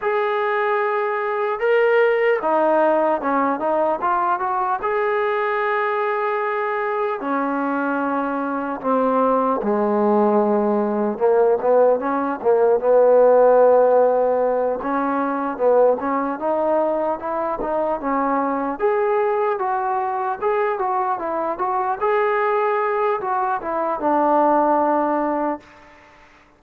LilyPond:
\new Staff \with { instrumentName = "trombone" } { \time 4/4 \tempo 4 = 75 gis'2 ais'4 dis'4 | cis'8 dis'8 f'8 fis'8 gis'2~ | gis'4 cis'2 c'4 | gis2 ais8 b8 cis'8 ais8 |
b2~ b8 cis'4 b8 | cis'8 dis'4 e'8 dis'8 cis'4 gis'8~ | gis'8 fis'4 gis'8 fis'8 e'8 fis'8 gis'8~ | gis'4 fis'8 e'8 d'2 | }